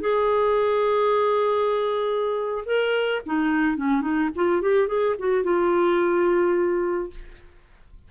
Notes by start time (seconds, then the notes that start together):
0.00 G#4
2.65 A#4
3.26 D#4
3.77 C#4
4.01 D#4
4.35 F4
4.61 G4
4.87 G#4
5.19 F#4
5.43 F4